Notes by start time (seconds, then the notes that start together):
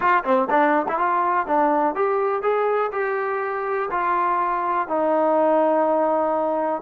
0.00 F4
0.24 C4
0.50 D4
0.88 E4
0.98 F4
1.46 D4
1.95 G4
2.42 G#4
2.92 G4
3.90 F4
4.88 D#4